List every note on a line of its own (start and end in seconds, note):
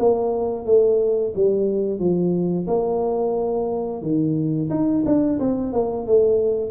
0.00 0.66 A#3
0.66 1.34 A3
1.35 1.99 G3
1.99 2.67 F3
2.68 4.02 A#3
4.03 4.70 D#3
4.70 5.04 D#4
5.06 5.40 D4
5.40 5.74 C4
5.74 6.07 A#3
6.07 6.71 A3